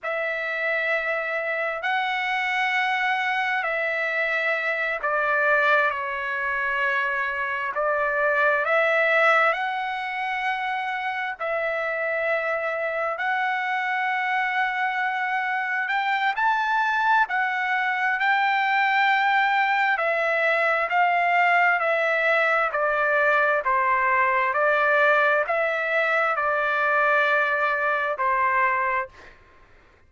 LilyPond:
\new Staff \with { instrumentName = "trumpet" } { \time 4/4 \tempo 4 = 66 e''2 fis''2 | e''4. d''4 cis''4.~ | cis''8 d''4 e''4 fis''4.~ | fis''8 e''2 fis''4.~ |
fis''4. g''8 a''4 fis''4 | g''2 e''4 f''4 | e''4 d''4 c''4 d''4 | e''4 d''2 c''4 | }